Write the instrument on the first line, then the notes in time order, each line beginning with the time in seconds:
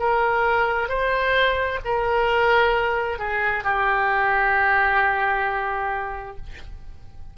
oboe
0.00 A#4
0.89 C5
1.85 A#4
3.19 G#4
3.64 G4